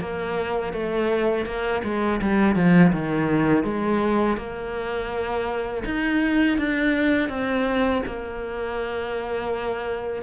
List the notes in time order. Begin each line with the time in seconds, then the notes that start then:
0.00 A#3
0.73 A3
1.46 A#3
1.84 G#3
2.22 G3
2.56 F3
2.93 D#3
3.64 G#3
4.37 A#3
5.85 D#4
6.58 D4
7.29 C4
8.06 A#3